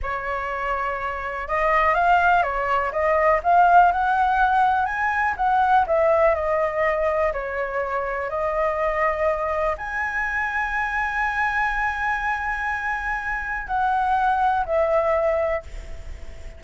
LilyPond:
\new Staff \with { instrumentName = "flute" } { \time 4/4 \tempo 4 = 123 cis''2. dis''4 | f''4 cis''4 dis''4 f''4 | fis''2 gis''4 fis''4 | e''4 dis''2 cis''4~ |
cis''4 dis''2. | gis''1~ | gis''1 | fis''2 e''2 | }